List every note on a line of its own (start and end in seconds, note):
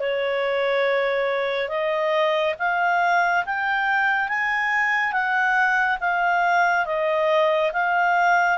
0.00 1.69 C#5
1.69 2.54 D#5
2.59 3.44 F5
3.46 4.28 G5
4.28 5.12 G#5
5.12 5.98 F#5
6.00 6.86 F5
6.86 7.71 D#5
7.73 8.58 F5